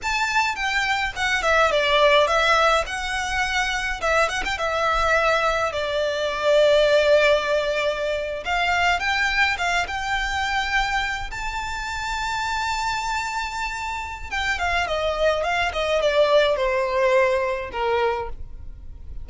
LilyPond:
\new Staff \with { instrumentName = "violin" } { \time 4/4 \tempo 4 = 105 a''4 g''4 fis''8 e''8 d''4 | e''4 fis''2 e''8 fis''16 g''16 | e''2 d''2~ | d''2~ d''8. f''4 g''16~ |
g''8. f''8 g''2~ g''8 a''16~ | a''1~ | a''4 g''8 f''8 dis''4 f''8 dis''8 | d''4 c''2 ais'4 | }